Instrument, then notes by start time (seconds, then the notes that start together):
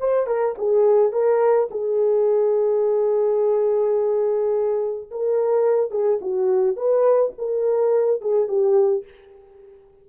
horn
0.00 C5
0.27 A#4
0.58 G#4
1.12 A#4
1.71 G#4
5.11 A#4
5.91 G#4
6.21 F#4
6.76 B4
7.38 A#4
8.21 G#4
8.48 G4